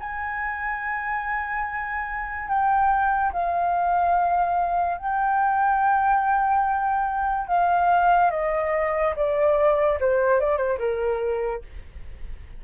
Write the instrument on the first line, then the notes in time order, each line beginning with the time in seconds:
flute
0.00 G#5
2.49 G5
3.33 F5
4.98 G5
7.48 F5
8.31 D#5
9.16 D5
10.00 C5
10.41 D5
10.58 C5
10.79 A#4